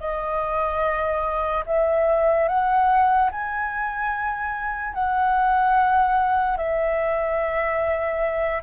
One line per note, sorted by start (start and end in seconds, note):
0.00 1.64 D#5
1.66 2.48 E5
2.48 3.31 F#5
3.32 4.94 G#5
4.94 6.57 F#5
6.57 8.63 E5